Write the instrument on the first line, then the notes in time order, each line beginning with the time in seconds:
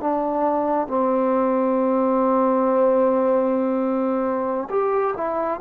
trombone
0.00 D4
0.87 C4
4.69 G4
5.17 E4